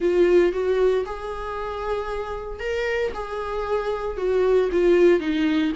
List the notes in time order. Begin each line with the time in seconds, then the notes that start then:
0.00 F4
0.52 F#4
1.05 G#4
2.59 A#4
3.14 G#4
4.17 F#4
4.71 F4
5.20 D#4